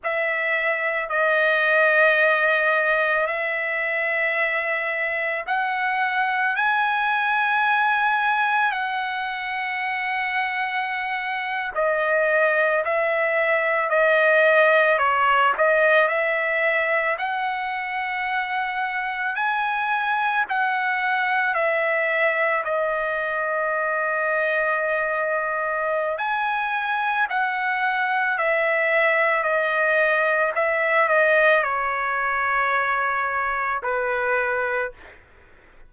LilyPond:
\new Staff \with { instrumentName = "trumpet" } { \time 4/4 \tempo 4 = 55 e''4 dis''2 e''4~ | e''4 fis''4 gis''2 | fis''2~ fis''8. dis''4 e''16~ | e''8. dis''4 cis''8 dis''8 e''4 fis''16~ |
fis''4.~ fis''16 gis''4 fis''4 e''16~ | e''8. dis''2.~ dis''16 | gis''4 fis''4 e''4 dis''4 | e''8 dis''8 cis''2 b'4 | }